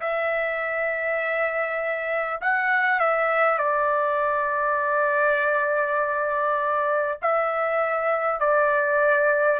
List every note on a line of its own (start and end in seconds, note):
0.00 2.40 E5
2.41 2.99 F#5
2.99 3.58 E5
3.58 7.18 D5
7.22 8.40 E5
8.40 9.59 D5